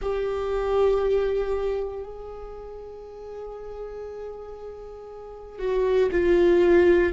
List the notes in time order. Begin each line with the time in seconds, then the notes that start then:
0.01 G4
2.03 G#4
5.58 F#4
6.11 F4